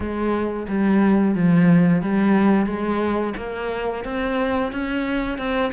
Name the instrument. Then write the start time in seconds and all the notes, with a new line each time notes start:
cello
0.00 G#3
0.68 G3
1.35 F3
2.02 G3
2.66 G#3
3.36 A#3
4.04 C4
4.72 C#4
5.37 C4